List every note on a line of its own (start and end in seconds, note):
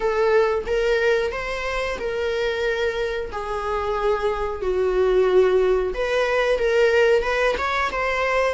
0.00 0.64 A4
0.66 1.32 A#4
1.32 1.98 C5
1.99 3.31 A#4
3.32 4.61 G#4
4.61 5.93 F#4
5.93 6.58 B4
6.58 7.22 A#4
7.22 7.55 B4
7.58 7.91 C#5
7.91 8.54 C5